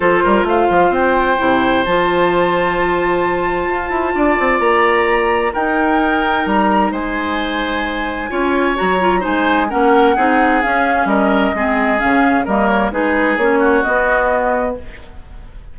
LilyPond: <<
  \new Staff \with { instrumentName = "flute" } { \time 4/4 \tempo 4 = 130 c''4 f''4 g''2 | a''1~ | a''2 ais''2 | g''2 ais''4 gis''4~ |
gis''2. ais''4 | gis''4 fis''2 f''4 | dis''2 f''4 dis''8 cis''8 | b'4 cis''4 dis''2 | }
  \new Staff \with { instrumentName = "oboe" } { \time 4/4 a'8 ais'8 c''2.~ | c''1~ | c''4 d''2. | ais'2. c''4~ |
c''2 cis''2 | c''4 ais'4 gis'2 | ais'4 gis'2 ais'4 | gis'4. fis'2~ fis'8 | }
  \new Staff \with { instrumentName = "clarinet" } { \time 4/4 f'2. e'4 | f'1~ | f'1 | dis'1~ |
dis'2 f'4 fis'8 f'8 | dis'4 cis'4 dis'4 cis'4~ | cis'4 c'4 cis'4 ais4 | dis'4 cis'4 b2 | }
  \new Staff \with { instrumentName = "bassoon" } { \time 4/4 f8 g8 a8 f8 c'4 c4 | f1 | f'8 e'8 d'8 c'8 ais2 | dis'2 g4 gis4~ |
gis2 cis'4 fis4 | gis4 ais4 c'4 cis'4 | g4 gis4 cis4 g4 | gis4 ais4 b2 | }
>>